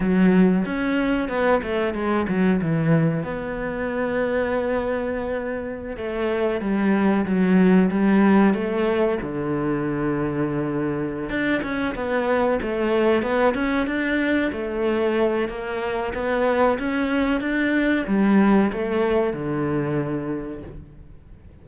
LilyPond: \new Staff \with { instrumentName = "cello" } { \time 4/4 \tempo 4 = 93 fis4 cis'4 b8 a8 gis8 fis8 | e4 b2.~ | b4~ b16 a4 g4 fis8.~ | fis16 g4 a4 d4.~ d16~ |
d4. d'8 cis'8 b4 a8~ | a8 b8 cis'8 d'4 a4. | ais4 b4 cis'4 d'4 | g4 a4 d2 | }